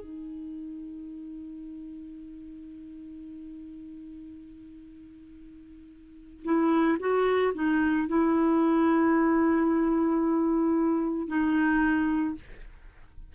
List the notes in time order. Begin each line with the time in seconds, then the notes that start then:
0.00 D#4
6.44 E4
6.99 F#4
7.54 D#4
8.07 E4
11.27 D#4